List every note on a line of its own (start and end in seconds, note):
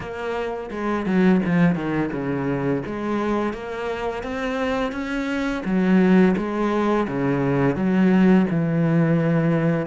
0.00 0.70 A#3
0.70 1.06 G#3
1.06 1.41 F#3
1.45 1.75 F3
1.75 2.10 D#3
2.12 2.82 C#3
2.86 3.53 G#3
3.53 4.23 A#3
4.23 4.92 C4
4.92 5.62 C#4
5.64 6.35 F#3
6.36 7.07 G#3
7.07 7.75 C#3
7.75 8.46 F#3
8.50 9.86 E3